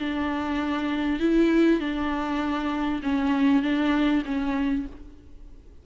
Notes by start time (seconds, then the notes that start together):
0.00 D4
1.20 E4
1.80 D4
3.03 C#4
3.63 D4
4.26 C#4